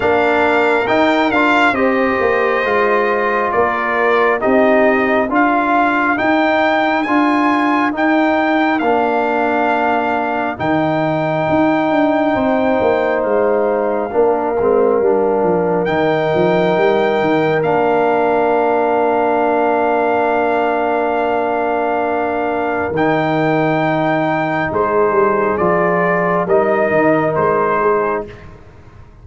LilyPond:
<<
  \new Staff \with { instrumentName = "trumpet" } { \time 4/4 \tempo 4 = 68 f''4 g''8 f''8 dis''2 | d''4 dis''4 f''4 g''4 | gis''4 g''4 f''2 | g''2. f''4~ |
f''2 g''2 | f''1~ | f''2 g''2 | c''4 d''4 dis''4 c''4 | }
  \new Staff \with { instrumentName = "horn" } { \time 4/4 ais'2 c''2 | ais'4 g'4 ais'2~ | ais'1~ | ais'2 c''2 |
ais'1~ | ais'1~ | ais'1 | gis'2 ais'4. gis'8 | }
  \new Staff \with { instrumentName = "trombone" } { \time 4/4 d'4 dis'8 f'8 g'4 f'4~ | f'4 dis'4 f'4 dis'4 | f'4 dis'4 d'2 | dis'1 |
d'8 c'8 d'4 dis'2 | d'1~ | d'2 dis'2~ | dis'4 f'4 dis'2 | }
  \new Staff \with { instrumentName = "tuba" } { \time 4/4 ais4 dis'8 d'8 c'8 ais8 gis4 | ais4 c'4 d'4 dis'4 | d'4 dis'4 ais2 | dis4 dis'8 d'8 c'8 ais8 gis4 |
ais8 gis8 g8 f8 dis8 f8 g8 dis8 | ais1~ | ais2 dis2 | gis8 g8 f4 g8 dis8 gis4 | }
>>